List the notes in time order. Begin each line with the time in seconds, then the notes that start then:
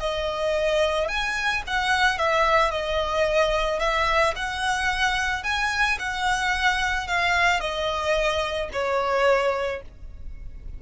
0.00 D#5
1.09 G#5
1.67 F#5
2.19 E5
2.72 D#5
3.80 E5
4.36 F#5
5.44 G#5
6.00 F#5
7.08 F5
7.61 D#5
8.73 C#5